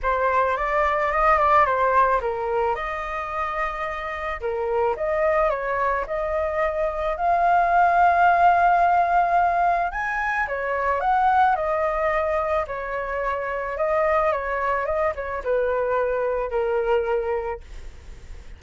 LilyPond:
\new Staff \with { instrumentName = "flute" } { \time 4/4 \tempo 4 = 109 c''4 d''4 dis''8 d''8 c''4 | ais'4 dis''2. | ais'4 dis''4 cis''4 dis''4~ | dis''4 f''2.~ |
f''2 gis''4 cis''4 | fis''4 dis''2 cis''4~ | cis''4 dis''4 cis''4 dis''8 cis''8 | b'2 ais'2 | }